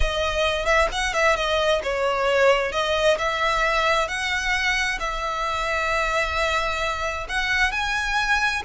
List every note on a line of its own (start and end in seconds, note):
0.00 0.65 D#5
0.65 0.88 E5
0.92 1.13 F#5
1.13 1.36 E5
1.36 1.81 D#5
1.83 2.71 C#5
2.71 3.17 D#5
3.18 4.08 E5
4.08 4.99 F#5
4.99 7.26 E5
7.28 7.71 F#5
7.71 8.62 G#5